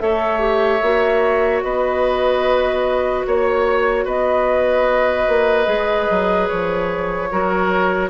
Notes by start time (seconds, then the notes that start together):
0.00 A3 A4 C#5 E5
0.39 G4
0.82 A#3 F#4
1.63 B3 B4 D#5
3.27 A#3 C#5
4.05 B3 B4 D#5
5.28 A#3
5.66 G#3 G#4
6.10 F#3
6.48 F3 C#5
7.32 F#3 F#4 A#4